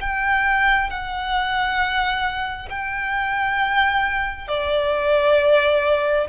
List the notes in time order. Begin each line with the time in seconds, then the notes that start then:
0.00 G5
0.90 F#5
2.69 G5
4.48 D5